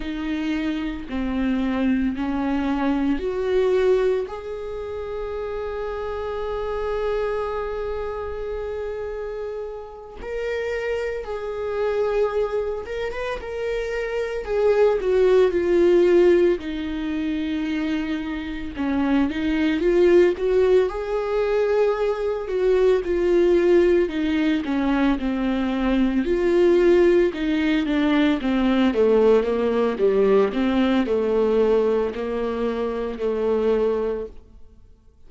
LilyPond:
\new Staff \with { instrumentName = "viola" } { \time 4/4 \tempo 4 = 56 dis'4 c'4 cis'4 fis'4 | gis'1~ | gis'4. ais'4 gis'4. | ais'16 b'16 ais'4 gis'8 fis'8 f'4 dis'8~ |
dis'4. cis'8 dis'8 f'8 fis'8 gis'8~ | gis'4 fis'8 f'4 dis'8 cis'8 c'8~ | c'8 f'4 dis'8 d'8 c'8 a8 ais8 | g8 c'8 a4 ais4 a4 | }